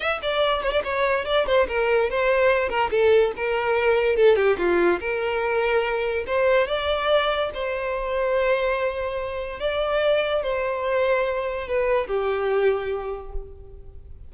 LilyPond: \new Staff \with { instrumentName = "violin" } { \time 4/4 \tempo 4 = 144 e''8 d''4 cis''16 d''16 cis''4 d''8 c''8 | ais'4 c''4. ais'8 a'4 | ais'2 a'8 g'8 f'4 | ais'2. c''4 |
d''2 c''2~ | c''2. d''4~ | d''4 c''2. | b'4 g'2. | }